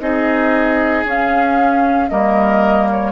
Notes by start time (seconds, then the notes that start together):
0.00 C4 D#4 G#4 D#5
1.05 C#4 F5
2.09 G3 A#3 A#4 D#5
2.91 C#5